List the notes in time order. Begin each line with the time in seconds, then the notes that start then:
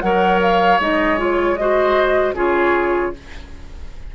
0.00 F#3 A#4 C#5 F#5
0.41 F5
0.78 G#3 D#4 D#5
1.17 F4 C#5
1.56 F#4 C5 D#5
2.33 C#3 F4 G#4 C#5